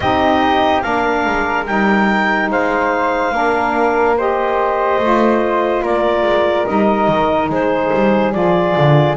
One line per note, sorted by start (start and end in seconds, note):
0.00 0.83 C4
0.00 0.82 D#4
0.00 0.83 G4
0.00 0.81 D#5
0.81 1.26 A#3
0.81 1.65 D4
0.81 2.50 A#4
0.81 1.64 F5
1.26 1.67 G#3
1.66 2.49 G3
1.66 3.32 D#4
1.66 2.49 G5
2.49 3.31 G#3
2.49 3.34 C5
2.49 4.18 F5
3.31 4.98 A#3
3.31 4.15 D4
3.31 4.17 A#4
4.17 5.01 G4
4.17 5.83 C5
4.17 5.84 D#5
4.98 5.81 A3
4.98 6.65 F4
5.82 6.22 A#3
5.82 7.50 A#4
5.82 6.66 D5
6.22 6.64 G#3
6.65 7.07 G3
6.65 8.31 D#4
6.65 7.49 D#5
7.07 7.49 D#3
7.49 7.90 G#3
7.49 9.16 G#4
7.49 8.32 C5
7.93 8.34 G3
8.31 8.76 F3
8.31 9.15 F4
8.31 9.15 D5
8.76 9.16 D3